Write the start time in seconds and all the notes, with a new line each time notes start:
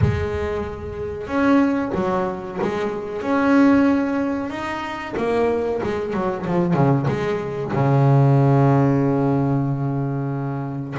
0.01 G#3
1.27 C#4
1.94 F#3
2.61 G#3
3.22 C#4
4.50 D#4
5.16 A#3
5.83 G#3
6.13 F#3
6.46 F3
6.74 C#3
7.07 G#3
7.72 C#3